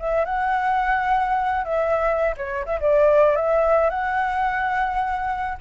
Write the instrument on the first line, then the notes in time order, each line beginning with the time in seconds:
flute
0.00 E5
0.25 F#5
1.65 E5
2.37 C#5
2.66 E5
2.81 D5
3.36 E5
3.90 F#5